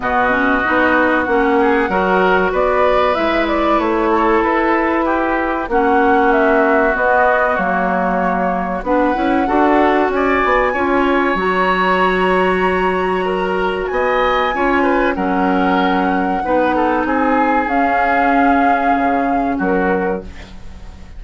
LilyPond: <<
  \new Staff \with { instrumentName = "flute" } { \time 4/4 \tempo 4 = 95 dis''2 fis''2 | d''4 e''8 d''8 cis''4 b'4~ | b'4 fis''4 e''4 dis''4 | cis''2 fis''2 |
gis''2 ais''2~ | ais''2 gis''2 | fis''2. gis''4 | f''2. ais'4 | }
  \new Staff \with { instrumentName = "oboe" } { \time 4/4 fis'2~ fis'8 gis'8 ais'4 | b'2~ b'8 a'4. | g'4 fis'2.~ | fis'2 b'4 a'4 |
d''4 cis''2.~ | cis''4 ais'4 dis''4 cis''8 b'8 | ais'2 b'8 a'8 gis'4~ | gis'2. fis'4 | }
  \new Staff \with { instrumentName = "clarinet" } { \time 4/4 b8 cis'8 dis'4 cis'4 fis'4~ | fis'4 e'2.~ | e'4 cis'2 b4 | ais2 d'8 e'8 fis'4~ |
fis'4 f'4 fis'2~ | fis'2. f'4 | cis'2 dis'2 | cis'1 | }
  \new Staff \with { instrumentName = "bassoon" } { \time 4/4 b,4 b4 ais4 fis4 | b4 gis4 a4 e'4~ | e'4 ais2 b4 | fis2 b8 cis'8 d'4 |
cis'8 b8 cis'4 fis2~ | fis2 b4 cis'4 | fis2 b4 c'4 | cis'2 cis4 fis4 | }
>>